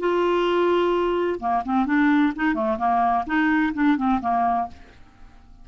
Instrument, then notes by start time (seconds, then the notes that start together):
clarinet
0.00 F4
1.40 A#3
1.66 C4
1.86 D4
2.36 D#4
2.55 A3
2.78 A#3
3.27 D#4
3.74 D4
3.97 C4
4.21 A#3